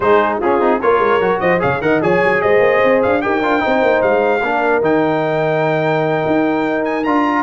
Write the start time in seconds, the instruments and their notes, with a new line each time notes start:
0.00 tuba G#3, trombone D#4, horn G#4, trumpet C5
0.39 tuba C#4, trombone C#4, horn F4, trumpet G#4
0.59 tuba C4, trombone D#4
0.81 tuba A#3, trombone F4, horn A#4, trumpet C#5
0.99 tuba G#3
1.19 tuba F#3, trombone F#4
1.40 tuba F3, horn C5, trumpet D#5
1.59 tuba C#3, trombone G#4, horn C#5, trumpet F5
1.81 tuba D#3, trombone A#4, horn D#5, trumpet F#5
2.01 tuba F3, trombone G#4, horn C#5, trumpet G#5
2.23 tuba F#3
2.41 tuba G#3, horn C5, trumpet D#5
2.59 tuba A#3
2.83 tuba C4
3.02 tuba D4, trumpet F5
3.21 tuba D#4, trombone G4, horn A#4, trumpet G5
3.41 tuba D4, trombone F4
3.59 trombone D#4, horn C5
3.66 tuba C4
3.82 tuba A#3
4.02 tuba G#3, trumpet F5
4.42 tuba A#3, trombone D4, horn A#4
4.81 tuba D#3, trombone D#4, trumpet G5
6.26 tuba D#4
6.84 trumpet G#5
7.03 tuba D4, trombone F4, trumpet A#5